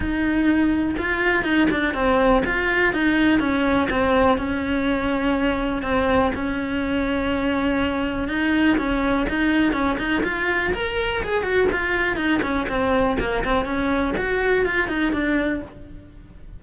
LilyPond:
\new Staff \with { instrumentName = "cello" } { \time 4/4 \tempo 4 = 123 dis'2 f'4 dis'8 d'8 | c'4 f'4 dis'4 cis'4 | c'4 cis'2. | c'4 cis'2.~ |
cis'4 dis'4 cis'4 dis'4 | cis'8 dis'8 f'4 ais'4 gis'8 fis'8 | f'4 dis'8 cis'8 c'4 ais8 c'8 | cis'4 fis'4 f'8 dis'8 d'4 | }